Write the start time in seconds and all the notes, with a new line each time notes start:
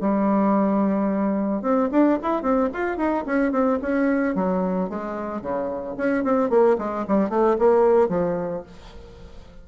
0.00 G3
1.62 C4
1.91 D4
2.22 E4
2.42 C4
2.73 F4
2.97 D#4
3.26 C#4
3.52 C4
3.82 C#4
4.35 F#3
4.89 G#3
5.41 C#3
5.97 C#4
6.24 C4
6.50 A#3
6.78 G#3
7.08 G3
7.29 A3
7.58 A#3
8.09 F3